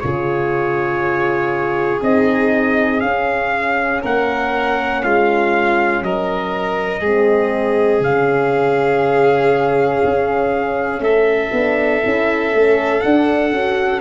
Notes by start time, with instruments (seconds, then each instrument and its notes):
0.00 tuba C#3, horn F4, violin G#4, trumpet C#5
2.02 tuba C4, horn D#4, trumpet D#5
3.01 tuba C#4, horn C#4, trumpet F5
4.02 tuba A#3, violin A#4, trumpet F#5
5.04 tuba G#3, violin F4, trumpet F5
6.02 tuba F#3, violin A#4, trumpet D#5
7.01 tuba G#3, horn C4, violin G#4
8.00 tuba C#3, horn C#4, trumpet F5
10.05 tuba C#4
11.00 tuba A3, violin A4, trumpet E5
11.52 tuba B3, horn D4
12.03 tuba C#4, horn E4
12.53 tuba A3, horn C#4
13.01 horn D4, tuba D4, trumpet F#5
13.52 tuba C#4, horn F#4